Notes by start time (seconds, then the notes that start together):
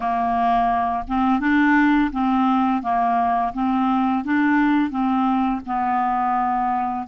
0.00 A#3
1.07 C4
1.40 D4
2.12 C4
2.82 A#3
3.53 C4
4.24 D4
4.90 C4
5.66 B3